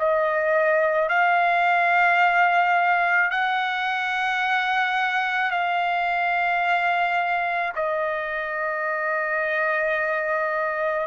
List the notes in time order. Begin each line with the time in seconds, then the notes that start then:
0.00 D#5
1.09 F5
3.31 F#5
5.51 F5
7.76 D#5